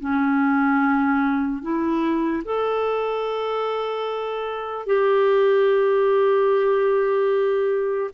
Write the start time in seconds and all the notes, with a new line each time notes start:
0.00 C#4
1.62 E4
2.44 A4
4.86 G4